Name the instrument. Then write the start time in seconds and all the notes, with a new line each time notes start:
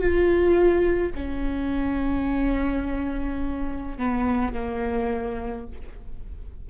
viola
0.00 F4
1.15 C#4
3.98 B3
4.54 A#3